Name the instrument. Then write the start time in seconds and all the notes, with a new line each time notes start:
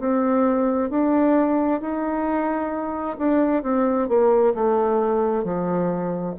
bassoon
0.00 C4
0.90 D4
1.81 D#4
3.18 D4
3.63 C4
4.09 A#3
4.55 A3
5.44 F3